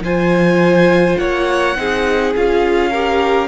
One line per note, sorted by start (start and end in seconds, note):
0.00 1.15 F3
0.00 1.76 F4
0.00 1.19 C5
0.00 1.17 G#5
1.17 1.76 A#3
1.17 1.77 C#5
1.17 2.32 F#5
1.76 2.34 C4
1.76 2.34 D#4
1.76 2.90 G#4
2.35 3.48 C#4
2.35 2.93 F4
2.35 3.48 F5
2.90 3.48 G4
2.90 3.48 A#4